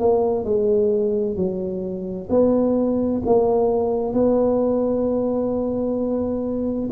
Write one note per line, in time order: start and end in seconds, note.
0.00 0.45 A#3
0.45 1.36 G#3
1.36 2.29 F#3
2.30 3.22 B3
3.26 4.13 A#3
4.13 6.90 B3